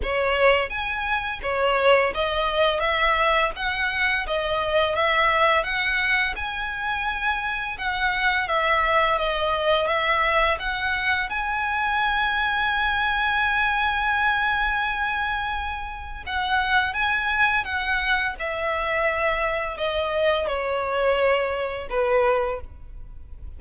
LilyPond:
\new Staff \with { instrumentName = "violin" } { \time 4/4 \tempo 4 = 85 cis''4 gis''4 cis''4 dis''4 | e''4 fis''4 dis''4 e''4 | fis''4 gis''2 fis''4 | e''4 dis''4 e''4 fis''4 |
gis''1~ | gis''2. fis''4 | gis''4 fis''4 e''2 | dis''4 cis''2 b'4 | }